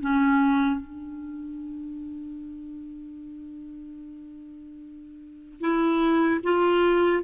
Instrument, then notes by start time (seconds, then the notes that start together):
clarinet
0.00 C#4
0.80 D4
5.60 E4
6.43 F4